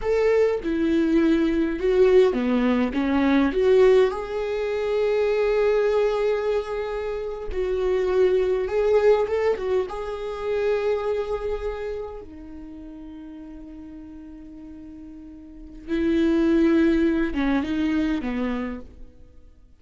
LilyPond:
\new Staff \with { instrumentName = "viola" } { \time 4/4 \tempo 4 = 102 a'4 e'2 fis'4 | b4 cis'4 fis'4 gis'4~ | gis'1~ | gis'8. fis'2 gis'4 a'16~ |
a'16 fis'8 gis'2.~ gis'16~ | gis'8. dis'2.~ dis'16~ | dis'2. e'4~ | e'4. cis'8 dis'4 b4 | }